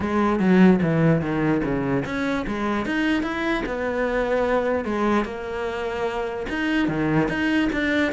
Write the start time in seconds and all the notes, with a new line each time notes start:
0.00 G#3
0.39 F#3
0.82 E3
1.21 D#3
1.63 C#3
2.05 C#4
2.47 G#3
2.85 D#4
3.22 E4
3.66 B3
4.84 G#3
5.24 A#3
6.49 D#4
6.88 D#3
7.28 D#4
7.72 D4